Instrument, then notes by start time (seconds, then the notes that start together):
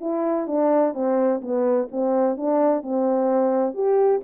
horn
0.00 E4
0.47 D4
0.94 C4
1.41 B3
1.91 C4
2.36 D4
2.82 C4
3.74 G4